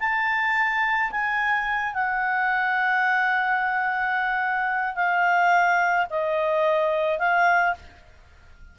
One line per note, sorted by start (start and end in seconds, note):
0.00 1.11 A5
1.11 1.94 G#5
1.94 4.95 F#5
4.95 6.07 F5
6.10 7.19 D#5
7.19 7.75 F5